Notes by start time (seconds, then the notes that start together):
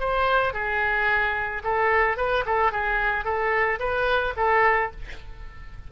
0.00 C5
0.54 G#4
1.64 A4
2.17 B4
2.46 A4
2.72 G#4
3.25 A4
3.80 B4
4.37 A4